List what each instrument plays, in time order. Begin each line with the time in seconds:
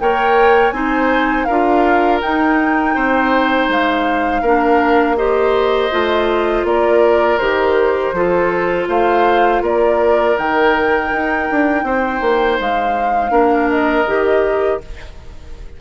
0.00 bassoon A#3, clarinet A#4, oboe C#5, flute G5
0.70 bassoon C4, clarinet D#4, oboe C5, flute G#5
1.44 bassoon D4, clarinet F4, oboe A#4, flute F5
2.21 bassoon D#4, clarinet D#4, flute G5
2.95 bassoon C4, oboe C5
3.68 bassoon G#3, flute F5
4.42 bassoon A#3, clarinet D4, oboe A#4
5.17 clarinet G4, oboe C5, flute D#5
5.91 bassoon A3, clarinet F4
6.64 bassoon A#3, oboe A#4, flute D5
7.38 bassoon D#3, clarinet G4, flute C5
8.12 bassoon F3, clarinet F4, oboe A4
8.88 bassoon A3, oboe C5, flute F5
9.62 bassoon A#3, oboe A#4, flute D5
10.36 bassoon D#3, clarinet D#4, flute G5
11.12 bassoon D#4
11.51 bassoon D4
11.83 bassoon C4, oboe C5
12.21 bassoon A#3
12.59 bassoon G#3, flute F5
13.30 bassoon A#3, clarinet D4, oboe A#4
13.70 flute D#5
14.07 bassoon D#3, clarinet G4